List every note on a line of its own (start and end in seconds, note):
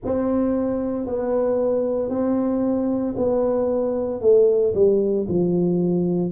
0.04 1.06 C4
1.06 2.09 B3
2.09 3.14 C4
3.16 4.21 B3
4.21 4.73 A3
4.74 5.26 G3
5.28 6.32 F3